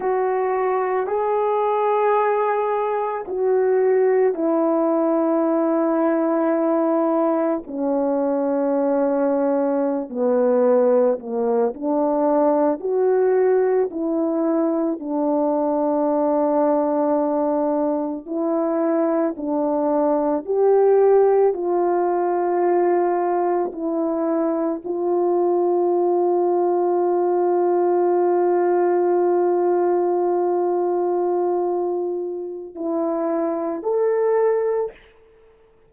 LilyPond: \new Staff \with { instrumentName = "horn" } { \time 4/4 \tempo 4 = 55 fis'4 gis'2 fis'4 | e'2. cis'4~ | cis'4~ cis'16 b4 ais8 d'4 fis'16~ | fis'8. e'4 d'2~ d'16~ |
d'8. e'4 d'4 g'4 f'16~ | f'4.~ f'16 e'4 f'4~ f'16~ | f'1~ | f'2 e'4 a'4 | }